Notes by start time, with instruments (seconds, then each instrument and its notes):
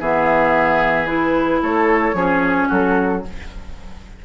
0.00 bassoon E3, clarinet B3, oboe G#4, flute E5
1.07 clarinet E4, flute B4
1.63 bassoon A3, oboe A4, flute C#5
2.14 bassoon F3, clarinet C#4, oboe G#4
2.69 bassoon F#3, oboe F#4, flute A4